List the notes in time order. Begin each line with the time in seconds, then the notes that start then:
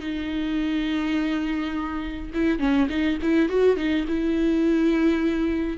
0.00 D#4
2.34 E4
2.59 C#4
2.89 D#4
3.22 E4
3.49 F#4
3.77 D#4
4.08 E4